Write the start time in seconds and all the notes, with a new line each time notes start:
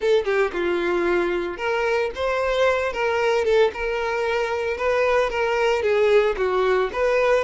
0.00 A4
0.24 G4
0.52 F4
1.57 A#4
2.15 C5
2.93 A#4
3.44 A4
3.73 A#4
4.77 B4
5.30 A#4
5.82 G#4
6.37 F#4
6.92 B4